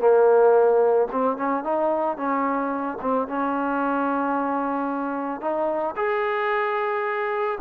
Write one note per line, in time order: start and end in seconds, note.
0.00 1.08 A#3
1.12 1.37 C4
1.37 1.64 C#4
1.64 2.17 D#4
2.17 2.99 C#4
3.01 3.28 C4
3.28 5.41 C#4
5.41 5.95 D#4
5.97 7.59 G#4